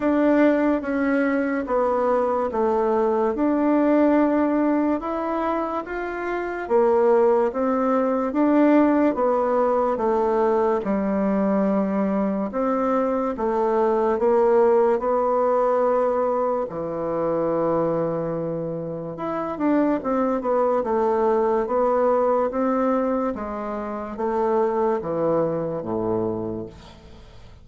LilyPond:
\new Staff \with { instrumentName = "bassoon" } { \time 4/4 \tempo 4 = 72 d'4 cis'4 b4 a4 | d'2 e'4 f'4 | ais4 c'4 d'4 b4 | a4 g2 c'4 |
a4 ais4 b2 | e2. e'8 d'8 | c'8 b8 a4 b4 c'4 | gis4 a4 e4 a,4 | }